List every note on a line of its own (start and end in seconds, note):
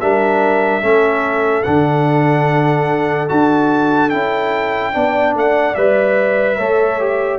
0.00 0.82 G3
0.00 0.81 D4
0.00 0.82 A#4
0.00 1.63 E5
0.81 1.64 A3
0.81 1.64 C#4
0.81 4.92 A4
1.63 3.31 D3
1.63 3.28 D4
1.63 3.27 F#5
3.28 4.13 D4
3.28 4.10 F#4
3.28 4.10 A5
4.10 4.95 C#4
4.10 4.92 E4
4.10 5.33 G5
4.92 5.35 B3
4.92 5.75 D4
4.92 6.57 D5
5.35 5.76 A3
5.35 5.74 F#5
5.74 6.58 G3
5.74 6.59 B4
5.74 7.39 E5
6.57 7.39 A3
6.57 7.00 A4
6.57 7.39 C#5
7.00 7.39 G4